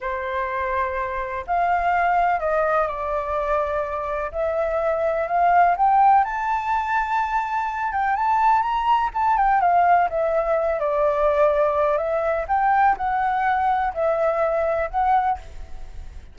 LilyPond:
\new Staff \with { instrumentName = "flute" } { \time 4/4 \tempo 4 = 125 c''2. f''4~ | f''4 dis''4 d''2~ | d''4 e''2 f''4 | g''4 a''2.~ |
a''8 g''8 a''4 ais''4 a''8 g''8 | f''4 e''4. d''4.~ | d''4 e''4 g''4 fis''4~ | fis''4 e''2 fis''4 | }